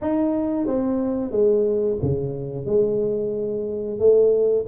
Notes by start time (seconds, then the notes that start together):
0.01 D#4
0.66 C4
1.31 G#3
2.02 C#3
2.65 G#3
3.98 A3